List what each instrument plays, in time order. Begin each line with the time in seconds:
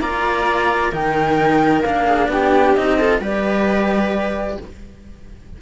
0.00 cello A#3 F4, viola D5, flute A#5
0.91 cello D#3 D#4, viola A#4, flute G5
1.82 cello A#3 D4, flute F5
2.05 viola G#4
2.28 cello B3, viola G4, flute G5
2.75 cello C4 D#4, flute D#5
2.98 cello F4, viola A4
3.20 cello G3 G4, viola B4, flute D5